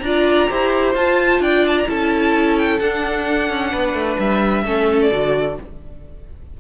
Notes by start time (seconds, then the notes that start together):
0.00 D4 F4 D5 A#5
0.49 E4 G4 C5
0.95 F4 A5
1.40 D4 D5 G5
1.67 A5
1.78 A#5
1.87 C#4 E4 A4 A5
2.59 G5
2.79 D4 F#5
3.50 C#4
3.72 B3 B4
3.94 A3
4.19 G3 E5
4.65 A3 C#4 A4
5.02 D5
5.12 D3 F#4